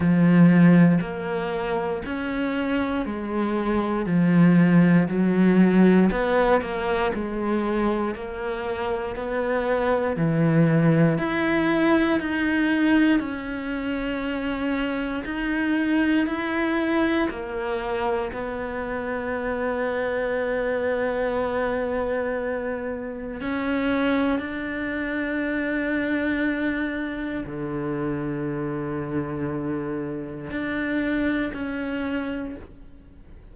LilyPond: \new Staff \with { instrumentName = "cello" } { \time 4/4 \tempo 4 = 59 f4 ais4 cis'4 gis4 | f4 fis4 b8 ais8 gis4 | ais4 b4 e4 e'4 | dis'4 cis'2 dis'4 |
e'4 ais4 b2~ | b2. cis'4 | d'2. d4~ | d2 d'4 cis'4 | }